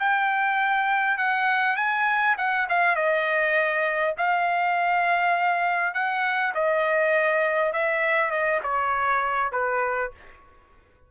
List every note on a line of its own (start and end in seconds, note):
0.00 1.18 G5
1.18 1.77 F#5
1.77 2.36 G#5
2.38 2.67 F#5
2.69 2.96 F5
2.96 4.15 D#5
4.18 5.94 F5
5.94 6.53 F#5
6.55 7.73 D#5
7.73 8.31 E5
8.31 8.61 D#5
8.64 9.52 C#5
9.52 10.12 B4